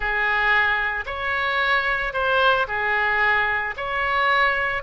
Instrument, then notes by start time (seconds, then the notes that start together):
oboe
0.00 G#4
1.06 C#5
2.13 C5
2.67 G#4
3.76 C#5